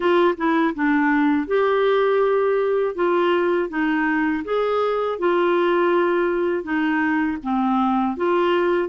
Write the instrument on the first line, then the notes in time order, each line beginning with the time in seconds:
clarinet
0.00 F4
0.37 E4
0.74 D4
1.47 G4
2.95 F4
3.69 D#4
4.44 G#4
5.19 F4
6.63 D#4
7.43 C4
8.16 F4